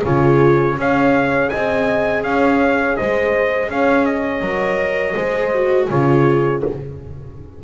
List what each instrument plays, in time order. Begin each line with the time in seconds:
0.00 double bass C#3, viola F4, horn G#4, trumpet C#5
0.77 double bass C#4, viola G#4, horn C#5, trumpet F5
1.50 double bass C4, horn D#5, trumpet G#5
2.24 double bass C#4, horn C#5, trumpet F5
2.97 double bass G#3, horn C5, trumpet D#5
3.70 double bass C#4, horn C#5, trumpet F5
4.06 trumpet D#5
4.41 double bass F#3, viola A#4
5.15 double bass G#3, viola G#4, horn C5
5.54 viola F#4
5.89 double bass C#3, viola F4, horn G#4, trumpet C#5